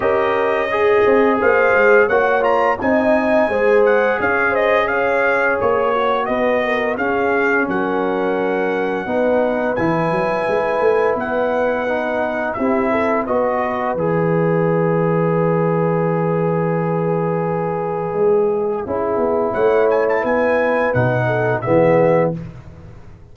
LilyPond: <<
  \new Staff \with { instrumentName = "trumpet" } { \time 4/4 \tempo 4 = 86 dis''2 f''4 fis''8 ais''8 | gis''4. fis''8 f''8 dis''8 f''4 | cis''4 dis''4 f''4 fis''4~ | fis''2 gis''2 |
fis''2 e''4 dis''4 | e''1~ | e''1 | fis''8 gis''16 a''16 gis''4 fis''4 e''4 | }
  \new Staff \with { instrumentName = "horn" } { \time 4/4 ais'4 gis'4 c''4 cis''4 | dis''4 c''4 cis''8 c''8 cis''4~ | cis''4 b'8 ais'8 gis'4 ais'4~ | ais'4 b'2.~ |
b'2 g'8 a'8 b'4~ | b'1~ | b'2. gis'4 | cis''4 b'4. a'8 gis'4 | }
  \new Staff \with { instrumentName = "trombone" } { \time 4/4 g'4 gis'2 fis'8 f'8 | dis'4 gis'2.~ | gis'8 fis'4. cis'2~ | cis'4 dis'4 e'2~ |
e'4 dis'4 e'4 fis'4 | gis'1~ | gis'2. e'4~ | e'2 dis'4 b4 | }
  \new Staff \with { instrumentName = "tuba" } { \time 4/4 cis'4. c'8 ais8 gis8 ais4 | c'4 gis4 cis'2 | ais4 b4 cis'4 fis4~ | fis4 b4 e8 fis8 gis8 a8 |
b2 c'4 b4 | e1~ | e2 gis4 cis'8 b8 | a4 b4 b,4 e4 | }
>>